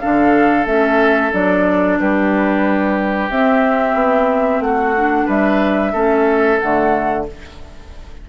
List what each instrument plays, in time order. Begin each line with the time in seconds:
0.00 bassoon D3, clarinet D4, oboe A4, flute F5
0.66 bassoon A3, clarinet C#4, flute E5
1.31 bassoon F#3, clarinet D4, flute D5
1.99 bassoon G3, oboe G4, flute B4
3.30 bassoon C4, clarinet C4, flute E5
3.94 bassoon B3
4.60 bassoon A3, oboe F#4, flute F#5
4.97 clarinet D4
5.26 bassoon G3, oboe B4, flute E5
5.92 bassoon A3, clarinet C#4, oboe A4
6.60 bassoon D3, clarinet A3, flute F#5